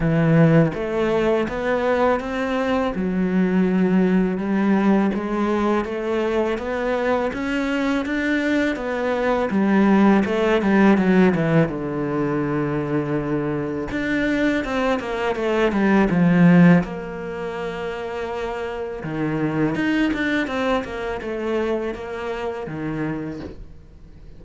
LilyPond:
\new Staff \with { instrumentName = "cello" } { \time 4/4 \tempo 4 = 82 e4 a4 b4 c'4 | fis2 g4 gis4 | a4 b4 cis'4 d'4 | b4 g4 a8 g8 fis8 e8 |
d2. d'4 | c'8 ais8 a8 g8 f4 ais4~ | ais2 dis4 dis'8 d'8 | c'8 ais8 a4 ais4 dis4 | }